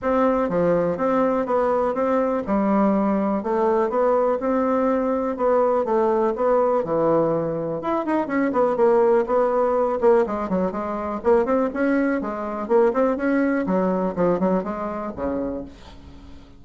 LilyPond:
\new Staff \with { instrumentName = "bassoon" } { \time 4/4 \tempo 4 = 123 c'4 f4 c'4 b4 | c'4 g2 a4 | b4 c'2 b4 | a4 b4 e2 |
e'8 dis'8 cis'8 b8 ais4 b4~ | b8 ais8 gis8 fis8 gis4 ais8 c'8 | cis'4 gis4 ais8 c'8 cis'4 | fis4 f8 fis8 gis4 cis4 | }